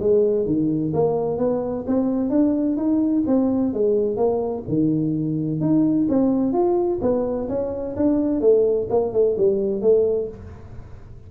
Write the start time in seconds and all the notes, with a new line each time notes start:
0.00 G#3
0.46 D#3
0.93 A#3
1.38 B3
1.87 C4
2.30 D4
2.77 D#4
3.27 C4
3.74 G#3
4.17 A#3
4.69 D#3
5.61 D#4
6.09 C4
6.53 F4
7.02 B3
7.49 C#4
7.96 D4
8.41 A3
8.90 A#3
9.13 A3
9.37 G3
9.82 A3